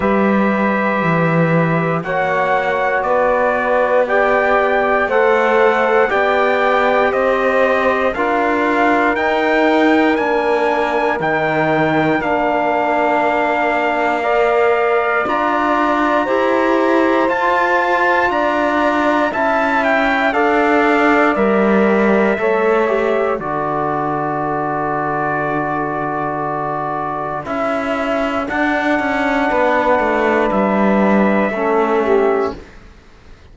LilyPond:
<<
  \new Staff \with { instrumentName = "trumpet" } { \time 4/4 \tempo 4 = 59 e''2 fis''4 d''4 | g''4 fis''4 g''4 dis''4 | f''4 g''4 gis''4 g''4 | f''2. ais''4~ |
ais''4 a''4 ais''4 a''8 g''8 | f''4 e''2 d''4~ | d''2. e''4 | fis''2 e''2 | }
  \new Staff \with { instrumentName = "saxophone" } { \time 4/4 b'2 cis''4 b'4 | d''4 c''4 d''4 c''4 | ais'1~ | ais'2 d''2 |
c''2 d''4 e''4 | d''2 cis''4 a'4~ | a'1~ | a'4 b'2 a'8 g'8 | }
  \new Staff \with { instrumentName = "trombone" } { \time 4/4 g'2 fis'2 | g'4 a'4 g'2 | f'4 dis'4 d'4 dis'4 | d'2 ais'4 f'4 |
g'4 f'2 e'4 | a'4 ais'4 a'8 g'8 fis'4~ | fis'2. e'4 | d'2. cis'4 | }
  \new Staff \with { instrumentName = "cello" } { \time 4/4 g4 e4 ais4 b4~ | b4 a4 b4 c'4 | d'4 dis'4 ais4 dis4 | ais2. d'4 |
e'4 f'4 d'4 cis'4 | d'4 g4 a4 d4~ | d2. cis'4 | d'8 cis'8 b8 a8 g4 a4 | }
>>